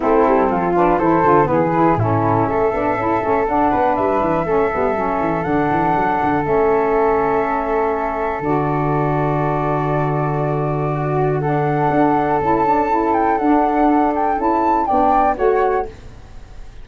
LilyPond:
<<
  \new Staff \with { instrumentName = "flute" } { \time 4/4 \tempo 4 = 121 a'4. b'8 c''4 b'4 | a'4 e''2 fis''4 | e''2. fis''4~ | fis''4 e''2.~ |
e''4 d''2.~ | d''2. fis''4~ | fis''4 a''4. g''8 fis''4~ | fis''8 g''8 a''4 g''4 fis''4 | }
  \new Staff \with { instrumentName = "flute" } { \time 4/4 e'4 f'4 a'4 gis'4 | e'4 a'2~ a'8 b'8~ | b'4 a'2.~ | a'1~ |
a'1~ | a'2 fis'4 a'4~ | a'1~ | a'2 d''4 cis''4 | }
  \new Staff \with { instrumentName = "saxophone" } { \time 4/4 c'4. d'8 e'8 f'8 b8 e'8 | cis'4. d'8 e'8 cis'8 d'4~ | d'4 cis'8 b8 cis'4 d'4~ | d'4 cis'2.~ |
cis'4 fis'2.~ | fis'2. d'4~ | d'4 e'8 d'8 e'4 d'4~ | d'4 e'4 d'4 fis'4 | }
  \new Staff \with { instrumentName = "tuba" } { \time 4/4 a8 g8 f4 e8 d8 e4 | a,4 a8 b8 cis'8 a8 d'8 b8 | g8 e8 a8 g8 fis8 e8 d8 e8 | fis8 d8 a2.~ |
a4 d2.~ | d1 | d'4 cis'2 d'4~ | d'4 cis'4 b4 a4 | }
>>